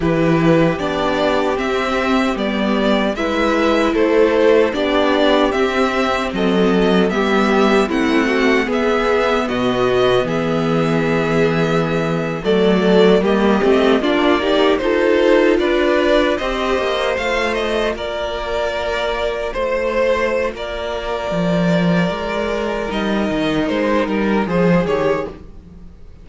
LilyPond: <<
  \new Staff \with { instrumentName = "violin" } { \time 4/4 \tempo 4 = 76 b'4 d''4 e''4 d''4 | e''4 c''4 d''4 e''4 | dis''4 e''4 fis''4 e''4 | dis''4 e''2~ e''8. d''16~ |
d''8. dis''4 d''4 c''4 d''16~ | d''8. dis''4 f''8 dis''8 d''4~ d''16~ | d''8. c''4~ c''16 d''2~ | d''4 dis''4 c''8 ais'8 c''8 cis''8 | }
  \new Staff \with { instrumentName = "violin" } { \time 4/4 g'1 | b'4 a'4 g'2 | a'4 g'4 e'8 fis'8 gis'4 | fis'4 gis'2~ gis'8. a'16~ |
a'8. g'4 f'8 g'8 a'4 b'16~ | b'8. c''2 ais'4~ ais'16~ | ais'8. c''4~ c''16 ais'2~ | ais'2. gis'4 | }
  \new Staff \with { instrumentName = "viola" } { \time 4/4 e'4 d'4 c'4 b4 | e'2 d'4 c'4~ | c'4 b4 c'4 b4~ | b2.~ b8. a16~ |
a8. ais8 c'8 d'8 dis'8 f'4~ f'16~ | f'8. g'4 f'2~ f'16~ | f'1~ | f'4 dis'2 gis'8 g'8 | }
  \new Staff \with { instrumentName = "cello" } { \time 4/4 e4 b4 c'4 g4 | gis4 a4 b4 c'4 | fis4 g4 a4 b4 | b,4 e2~ e8. fis16~ |
fis8. g8 a8 ais4 dis'4 d'16~ | d'8. c'8 ais8 a4 ais4~ ais16~ | ais8. a4~ a16 ais4 f4 | gis4 g8 dis8 gis8 g8 f8 dis8 | }
>>